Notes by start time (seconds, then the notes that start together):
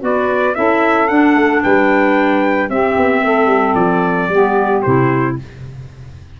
0.00 B3 F#4 B4 D5
0.54 C#4 E4 A4 E5
1.08 D4 F#5
1.34 A3
1.62 G3 B4 G5
2.69 C4 G4 E5
2.96 B3
3.23 A3 A4
3.46 G3
3.74 F3 D5
4.28 G3 B3 G4
4.81 C3 E4 C5